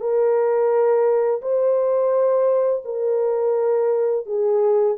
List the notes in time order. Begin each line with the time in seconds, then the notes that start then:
0.00 A#4
1.41 C5
2.85 A#4
4.26 G#4